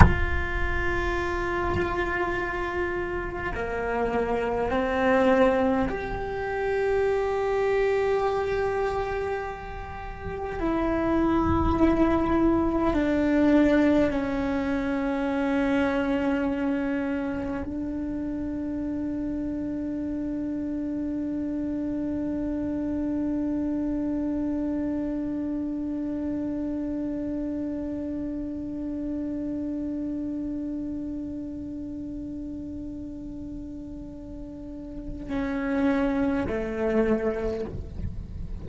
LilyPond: \new Staff \with { instrumentName = "cello" } { \time 4/4 \tempo 4 = 51 f'2. ais4 | c'4 g'2.~ | g'4 e'2 d'4 | cis'2. d'4~ |
d'1~ | d'1~ | d'1~ | d'2 cis'4 a4 | }